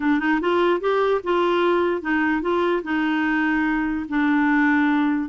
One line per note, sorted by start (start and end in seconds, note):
0.00 0.19 D4
0.19 0.40 D#4
0.41 0.80 F4
0.80 1.21 G4
1.23 2.01 F4
2.01 2.41 D#4
2.41 2.82 F4
2.83 4.05 D#4
4.08 5.29 D4